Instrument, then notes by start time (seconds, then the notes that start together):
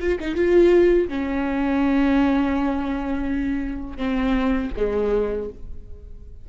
viola
0.00 F4
0.20 D#4
0.35 F4
1.08 C#4
3.97 C4
4.76 G#3